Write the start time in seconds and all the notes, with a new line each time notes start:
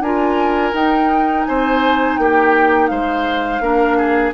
0.00 D4 F4 A#4 G#5
0.73 D#4 G5
1.44 C4 C5 G#5
2.17 A#3 G4 G5
2.87 G#3 C5 F5
3.60 A#3 D4 A#4
3.97 G#4